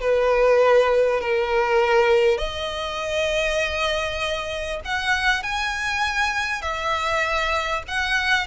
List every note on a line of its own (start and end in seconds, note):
0.00 1.20 B4
1.20 2.37 A#4
2.37 4.80 D#5
4.85 5.43 F#5
5.43 6.61 G#5
6.61 7.83 E5
7.88 8.47 F#5